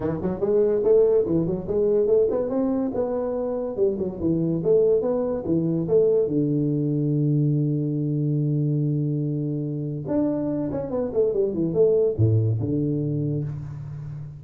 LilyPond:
\new Staff \with { instrumentName = "tuba" } { \time 4/4 \tempo 4 = 143 e8 fis8 gis4 a4 e8 fis8 | gis4 a8 b8 c'4 b4~ | b4 g8 fis8 e4 a4 | b4 e4 a4 d4~ |
d1~ | d1 | d'4. cis'8 b8 a8 g8 e8 | a4 a,4 d2 | }